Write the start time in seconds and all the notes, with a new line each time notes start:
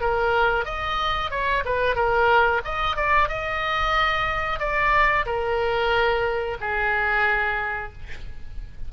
0.00 A#4
0.65 D#5
1.30 C#5
1.65 B4
1.95 A#4
2.64 D#5
2.96 D5
3.28 D#5
4.59 D5
5.25 A#4
6.61 G#4